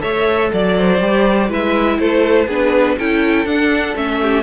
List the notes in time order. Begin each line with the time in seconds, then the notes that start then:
0.00 A3 A4 C#5 E5
0.53 F#3 D5
0.78 C5
1.01 G3 G4
1.49 G#3 E4 B4 E5
2.00 A3 A4 C5
2.47 B3 D4 G#4 B4
2.98 C#4 E4 A4 G5
3.46 D4 F#5
3.96 A3 C#4 E5
4.23 G4